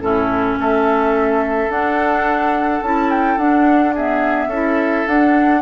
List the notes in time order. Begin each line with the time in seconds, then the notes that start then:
0.00 A2 C#4 E4 A4
0.57 A3 A4 E5
1.68 D4 F#5
2.81 C#4 E4 A5
3.10 G5
3.37 D4 F#5
3.94 B3 G#4 E5
4.47 C#4 E4 A4
5.07 D4 F#5